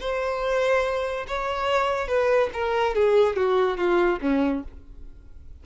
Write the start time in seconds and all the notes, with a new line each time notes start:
0.00 C5
1.27 C#5
2.08 B4
2.53 A#4
2.95 G#4
3.36 F#4
3.77 F4
4.21 C#4